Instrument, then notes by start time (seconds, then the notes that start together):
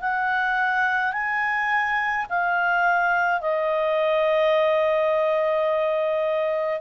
clarinet
0.00 F#5
1.12 G#5
2.30 F5
3.41 D#5